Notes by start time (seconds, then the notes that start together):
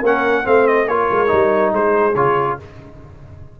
0.00 A#3 C#4 A#4 F#5
0.44 A3 C4 C5 F5
0.67 D#5
0.87 A#3 F4 A#4 C#5
1.10 G#3
1.27 G3 D#4
1.73 G#3 G#4 C5
2.15 C#3 F4 C#5